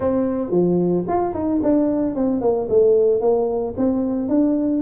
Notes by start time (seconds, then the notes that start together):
0.00 C4
0.51 F3
1.08 F4
1.34 D#4
1.62 D4
2.15 C4
2.41 A#3
2.69 A3
3.20 A#3
3.77 C4
4.29 D4